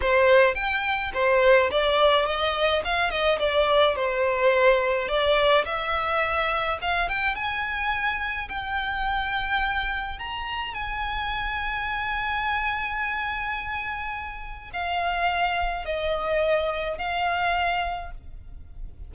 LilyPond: \new Staff \with { instrumentName = "violin" } { \time 4/4 \tempo 4 = 106 c''4 g''4 c''4 d''4 | dis''4 f''8 dis''8 d''4 c''4~ | c''4 d''4 e''2 | f''8 g''8 gis''2 g''4~ |
g''2 ais''4 gis''4~ | gis''1~ | gis''2 f''2 | dis''2 f''2 | }